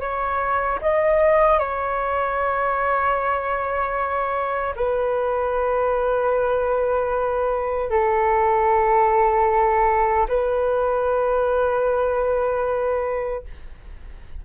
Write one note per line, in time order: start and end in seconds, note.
0.00 0.79 C#5
0.81 1.59 D#5
1.59 4.74 C#5
4.75 7.90 B4
7.90 10.27 A4
10.28 13.44 B4